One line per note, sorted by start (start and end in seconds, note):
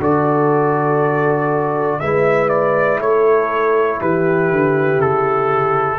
0.00 2.00 D3
0.00 2.01 F#4
0.00 2.01 A4
0.00 2.00 D5
2.00 3.00 G#3
2.00 5.99 E4
2.00 3.02 B4
2.00 2.49 E5
2.49 2.99 D5
3.00 4.00 A3
3.00 4.01 A4
3.00 4.01 C#5
4.01 4.51 E3
4.01 5.99 G4
4.01 5.01 B4
4.51 4.97 D3
4.97 5.97 C#3
4.97 5.99 A4